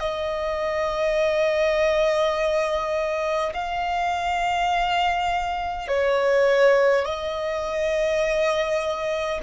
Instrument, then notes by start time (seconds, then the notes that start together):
violin
0.00 D#5
3.53 F5
5.88 C#5
7.05 D#5